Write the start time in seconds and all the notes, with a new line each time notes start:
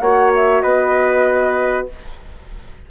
0.00 A#3 F#4 C#5 F#5
0.35 E5
0.61 B3 B4 D#5